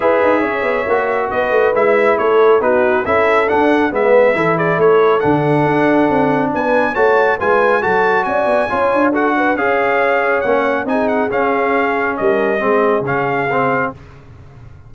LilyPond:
<<
  \new Staff \with { instrumentName = "trumpet" } { \time 4/4 \tempo 4 = 138 e''2. dis''4 | e''4 cis''4 b'4 e''4 | fis''4 e''4. d''8 cis''4 | fis''2. gis''4 |
a''4 gis''4 a''4 gis''4~ | gis''4 fis''4 f''2 | fis''4 gis''8 fis''8 f''2 | dis''2 f''2 | }
  \new Staff \with { instrumentName = "horn" } { \time 4/4 b'4 cis''2 b'4~ | b'4 a'4 fis'4 a'4~ | a'4 b'4 a'8 gis'8 a'4~ | a'2. b'4 |
cis''4 b'4 a'4 d''4 | cis''4 a'8 b'8 cis''2~ | cis''4 gis'2. | ais'4 gis'2. | }
  \new Staff \with { instrumentName = "trombone" } { \time 4/4 gis'2 fis'2 | e'2 dis'4 e'4 | d'4 b4 e'2 | d'1 |
fis'4 f'4 fis'2 | f'4 fis'4 gis'2 | cis'4 dis'4 cis'2~ | cis'4 c'4 cis'4 c'4 | }
  \new Staff \with { instrumentName = "tuba" } { \time 4/4 e'8 dis'8 cis'8 b8 ais4 b8 a8 | gis4 a4 b4 cis'4 | d'4 gis4 e4 a4 | d4 d'4 c'4 b4 |
a4 gis4 fis4 cis'8 b8 | cis'8 d'4. cis'2 | ais4 c'4 cis'2 | g4 gis4 cis2 | }
>>